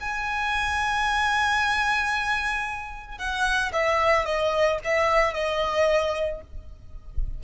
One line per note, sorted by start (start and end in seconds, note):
0.00 3.18 G#5
3.18 3.72 F#5
3.73 4.25 E5
4.25 4.79 D#5
4.84 5.34 E5
5.34 6.41 D#5